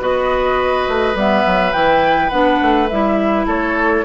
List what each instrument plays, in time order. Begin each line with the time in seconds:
0.00 bassoon B3, clarinet F#4, oboe B4, flute D#5
0.88 bassoon A3
1.15 bassoon G3, clarinet B3, flute E5
1.46 bassoon F#3
1.73 bassoon E3, clarinet E4, flute G5
2.30 bassoon B3, clarinet D4, flute F#5
2.62 bassoon A3
2.88 bassoon G3, clarinet E4, flute E5
3.46 bassoon A3, oboe A4, flute C#5